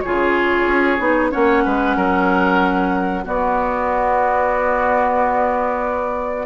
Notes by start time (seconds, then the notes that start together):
0.00 F4 G#4 C#5
0.06 C#3
0.65 C#4
0.98 B3 D#4
1.30 A#3 C#4 C#5 F#5
1.64 G#3 B4
1.96 F#3 A#4
3.24 B3 F#4 D5